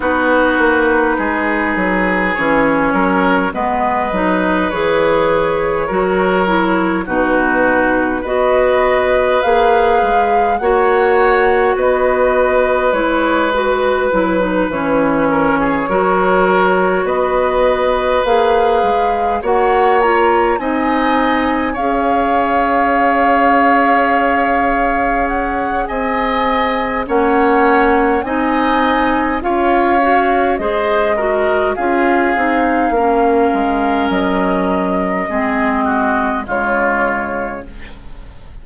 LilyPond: <<
  \new Staff \with { instrumentName = "flute" } { \time 4/4 \tempo 4 = 51 b'2 cis''4 dis''4 | cis''2 b'4 dis''4 | f''4 fis''4 dis''4 cis''8 b'8~ | b'8 cis''2 dis''4 f''8~ |
f''8 fis''8 ais''8 gis''4 f''4.~ | f''4. fis''8 gis''4 fis''4 | gis''4 f''4 dis''4 f''4~ | f''4 dis''2 cis''4 | }
  \new Staff \with { instrumentName = "oboe" } { \time 4/4 fis'4 gis'4. ais'8 b'4~ | b'4 ais'4 fis'4 b'4~ | b'4 cis''4 b'2~ | b'4 ais'16 gis'16 ais'4 b'4.~ |
b'8 cis''4 dis''4 cis''4.~ | cis''2 dis''4 cis''4 | dis''4 cis''4 c''8 ais'8 gis'4 | ais'2 gis'8 fis'8 f'4 | }
  \new Staff \with { instrumentName = "clarinet" } { \time 4/4 dis'2 cis'4 b8 dis'8 | gis'4 fis'8 e'8 dis'4 fis'4 | gis'4 fis'2 e'8 fis'8 | e'16 dis'16 cis'4 fis'2 gis'8~ |
gis'8 fis'8 f'8 dis'4 gis'4.~ | gis'2. cis'4 | dis'4 f'8 fis'8 gis'8 fis'8 f'8 dis'8 | cis'2 c'4 gis4 | }
  \new Staff \with { instrumentName = "bassoon" } { \time 4/4 b8 ais8 gis8 fis8 e8 fis8 gis8 fis8 | e4 fis4 b,4 b4 | ais8 gis8 ais4 b4 gis4 | fis8 e4 fis4 b4 ais8 |
gis8 ais4 c'4 cis'4.~ | cis'2 c'4 ais4 | c'4 cis'4 gis4 cis'8 c'8 | ais8 gis8 fis4 gis4 cis4 | }
>>